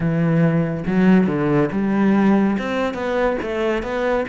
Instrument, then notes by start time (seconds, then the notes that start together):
cello
0.00 E3
0.86 F#3
1.26 D3
1.72 G3
2.58 C4
2.94 B3
3.42 A3
3.82 B3